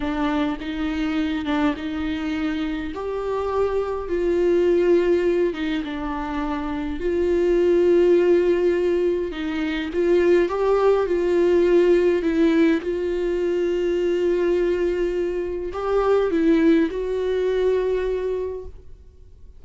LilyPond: \new Staff \with { instrumentName = "viola" } { \time 4/4 \tempo 4 = 103 d'4 dis'4. d'8 dis'4~ | dis'4 g'2 f'4~ | f'4. dis'8 d'2 | f'1 |
dis'4 f'4 g'4 f'4~ | f'4 e'4 f'2~ | f'2. g'4 | e'4 fis'2. | }